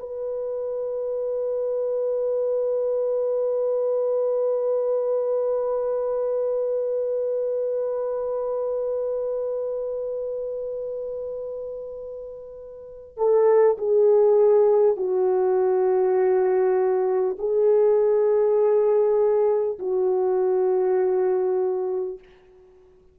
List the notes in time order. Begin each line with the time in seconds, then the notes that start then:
0.00 B4
13.17 A4
13.78 G#4
14.97 F#4
17.39 G#4
19.79 F#4